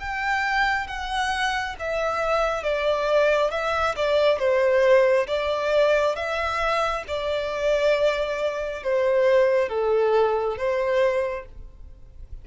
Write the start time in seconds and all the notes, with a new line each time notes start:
0.00 G5
0.87 F#5
1.79 E5
2.64 D5
3.51 E5
3.96 D5
4.39 C5
5.27 D5
6.16 E5
7.08 D5
8.84 C5
9.69 A4
10.58 C5